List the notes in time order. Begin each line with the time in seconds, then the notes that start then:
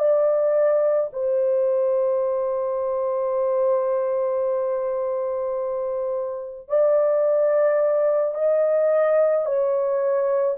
0.00 D5
1.14 C5
6.69 D5
8.35 D#5
9.46 C#5